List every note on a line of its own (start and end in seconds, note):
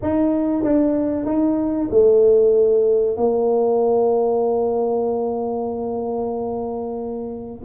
0.01 0.63 D#4
0.63 1.25 D4
1.25 1.89 D#4
1.90 3.17 A3
3.17 7.63 A#3